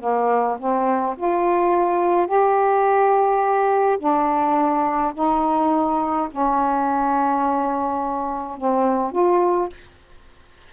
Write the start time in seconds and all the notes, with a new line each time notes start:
0.00 A#3
0.58 C4
1.17 F4
2.27 G4
3.99 D4
5.14 D#4
6.31 C#4
8.58 C4
9.12 F4